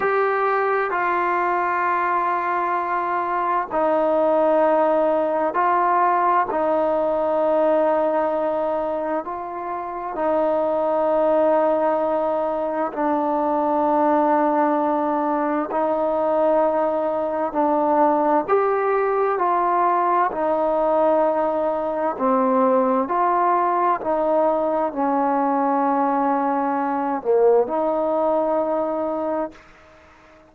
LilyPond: \new Staff \with { instrumentName = "trombone" } { \time 4/4 \tempo 4 = 65 g'4 f'2. | dis'2 f'4 dis'4~ | dis'2 f'4 dis'4~ | dis'2 d'2~ |
d'4 dis'2 d'4 | g'4 f'4 dis'2 | c'4 f'4 dis'4 cis'4~ | cis'4. ais8 dis'2 | }